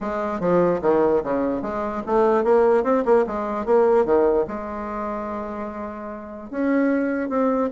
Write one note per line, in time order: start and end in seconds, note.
0.00 0.39 G#3
0.39 0.80 F3
0.81 1.22 D#3
1.23 1.61 C#3
1.61 2.02 G#3
2.06 2.44 A3
2.44 2.83 A#3
2.83 3.04 C4
3.05 3.25 A#3
3.27 3.65 G#3
3.65 4.05 A#3
4.05 4.45 D#3
4.47 6.50 G#3
6.50 7.29 C#4
7.29 7.69 C4